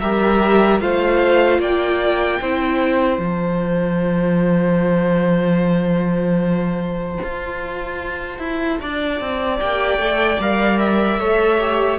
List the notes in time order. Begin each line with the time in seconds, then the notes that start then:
0.00 G3 G4 A#4 E5
0.80 A3 F4 C5 F5
1.59 A#3 D5 G5
2.41 C4 E4 C5
3.18 F3 F4 A5
7.24 F4
8.39 E4
8.80 D4 D5
9.21 C4
9.60 A#3 G4 G5
9.98 A3 A4
10.40 G3 A#4 F5
10.79 E5
11.19 A3 A4 C#5
11.60 G4